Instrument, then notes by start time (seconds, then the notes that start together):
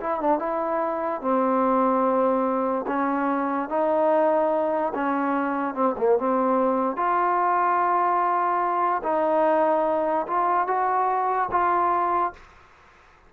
trombone
0.00 E4
0.21 D4
0.39 E4
1.21 C4
2.88 C#4
3.70 D#4
4.95 C#4
5.75 C4
5.98 A#3
6.19 C4
6.97 F4
9.04 D#4
10.27 F4
10.67 F#4
11.51 F4